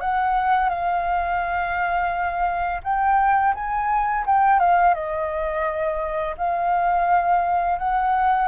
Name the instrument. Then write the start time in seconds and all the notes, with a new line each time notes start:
flute
0.00 F#5
0.69 F5
2.83 G5
3.54 G#5
4.26 G5
4.59 F5
4.94 D#5
6.37 F5
7.78 F#5